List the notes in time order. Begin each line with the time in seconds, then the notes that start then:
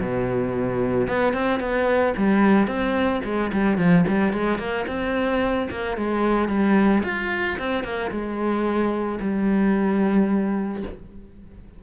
0.00 B2
1.08 B3
1.33 C4
1.59 B3
2.16 G3
2.67 C4
3.24 G#3
3.52 G3
3.77 F3
4.08 G3
4.33 G#3
4.58 A#3
4.87 C4
5.70 A#3
5.97 G#3
6.48 G3
7.03 F4
7.58 C4
7.83 A#3
8.11 G#3
9.20 G3